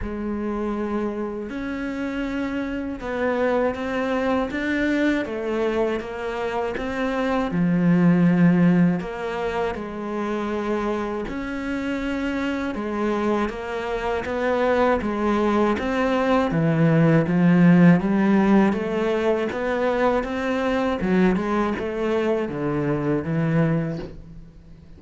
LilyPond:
\new Staff \with { instrumentName = "cello" } { \time 4/4 \tempo 4 = 80 gis2 cis'2 | b4 c'4 d'4 a4 | ais4 c'4 f2 | ais4 gis2 cis'4~ |
cis'4 gis4 ais4 b4 | gis4 c'4 e4 f4 | g4 a4 b4 c'4 | fis8 gis8 a4 d4 e4 | }